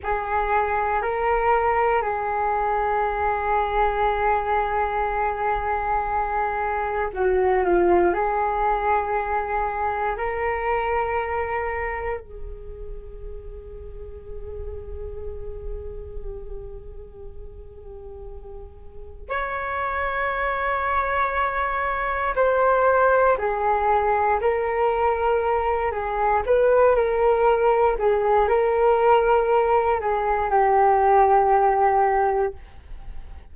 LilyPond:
\new Staff \with { instrumentName = "flute" } { \time 4/4 \tempo 4 = 59 gis'4 ais'4 gis'2~ | gis'2. fis'8 f'8 | gis'2 ais'2 | gis'1~ |
gis'2. cis''4~ | cis''2 c''4 gis'4 | ais'4. gis'8 b'8 ais'4 gis'8 | ais'4. gis'8 g'2 | }